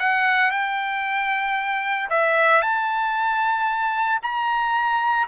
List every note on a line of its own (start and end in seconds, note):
0.00 0.52 F#5
0.52 2.10 G5
2.10 2.62 E5
2.62 4.20 A5
4.23 5.28 A#5